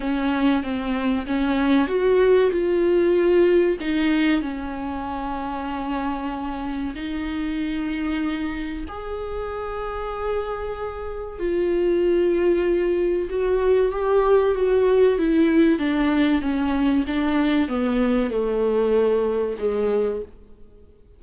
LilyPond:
\new Staff \with { instrumentName = "viola" } { \time 4/4 \tempo 4 = 95 cis'4 c'4 cis'4 fis'4 | f'2 dis'4 cis'4~ | cis'2. dis'4~ | dis'2 gis'2~ |
gis'2 f'2~ | f'4 fis'4 g'4 fis'4 | e'4 d'4 cis'4 d'4 | b4 a2 gis4 | }